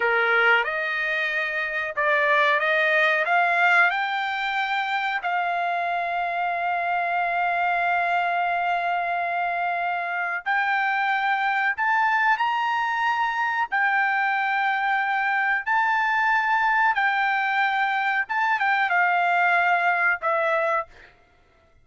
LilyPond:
\new Staff \with { instrumentName = "trumpet" } { \time 4/4 \tempo 4 = 92 ais'4 dis''2 d''4 | dis''4 f''4 g''2 | f''1~ | f''1 |
g''2 a''4 ais''4~ | ais''4 g''2. | a''2 g''2 | a''8 g''8 f''2 e''4 | }